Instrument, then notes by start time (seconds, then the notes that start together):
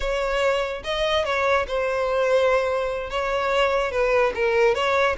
violin
0.00 C#5
0.84 D#5
1.24 C#5
1.67 C5
3.10 C#5
3.91 B4
4.34 A#4
4.74 C#5